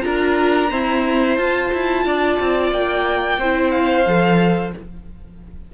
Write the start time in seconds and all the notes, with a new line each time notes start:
0.00 D4 F4 A#4 A#5
0.69 C4 E4 C5
1.35 F4 A5
1.72 E4
2.05 D4 D5
2.39 C4
2.71 A#3 G5
3.38 C4 E4 C5
3.70 F5
4.05 F3 A4